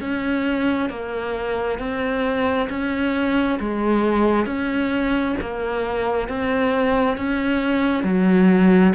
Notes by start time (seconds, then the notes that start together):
0.00 C#4
0.89 A#3
1.78 C4
2.69 C#4
3.59 G#3
4.46 C#4
5.41 A#3
6.28 C4
7.17 C#4
8.03 F#3